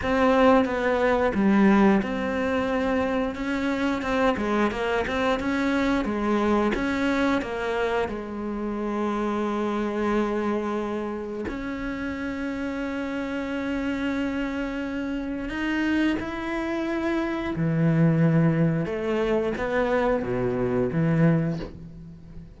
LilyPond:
\new Staff \with { instrumentName = "cello" } { \time 4/4 \tempo 4 = 89 c'4 b4 g4 c'4~ | c'4 cis'4 c'8 gis8 ais8 c'8 | cis'4 gis4 cis'4 ais4 | gis1~ |
gis4 cis'2.~ | cis'2. dis'4 | e'2 e2 | a4 b4 b,4 e4 | }